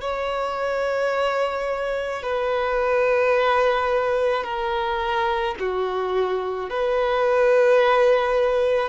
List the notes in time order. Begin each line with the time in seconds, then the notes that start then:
0.00 C#5
2.22 B4
4.43 A#4
5.59 F#4
6.69 B4